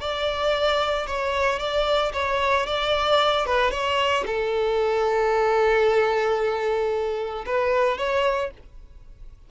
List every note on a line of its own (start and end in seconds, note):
0.00 1.06 D5
1.06 1.59 C#5
1.59 2.12 D5
2.13 2.66 C#5
2.66 3.45 D5
3.45 3.71 B4
3.71 4.24 C#5
4.26 7.45 A4
7.46 7.97 B4
7.97 8.51 C#5